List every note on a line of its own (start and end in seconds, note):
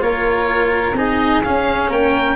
0.00 0.93 A#3
0.00 0.94 F4
0.00 0.97 A#4
0.00 0.96 C#5
0.93 1.40 C4
0.93 1.44 D#4
0.93 1.89 G#4
0.93 1.43 D#5
1.43 2.36 C#4
1.43 1.89 C#4
1.43 1.90 F5
1.89 2.36 A#3
1.89 2.36 A#4
1.89 2.36 G5